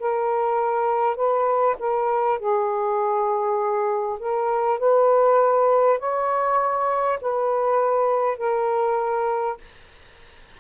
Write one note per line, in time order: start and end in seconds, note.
0.00 1.17 A#4
1.17 1.77 B4
1.80 2.39 A#4
2.39 4.19 G#4
4.20 4.79 A#4
4.79 5.99 B4
5.99 7.19 C#5
7.22 8.38 B4
8.38 9.58 A#4